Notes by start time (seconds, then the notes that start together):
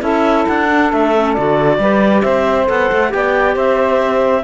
0.00 C#4 E4 A4 E5
0.47 D4 F#5
0.71 D4
0.92 A3 E5
1.15 C#4
1.34 D3 F#4 D5
1.78 G3 G4 B4
2.22 C4 C5 E5
2.65 B3 A4 F#5
2.92 A3
3.09 B3 G4 D5 G5
3.54 C4 C5 E5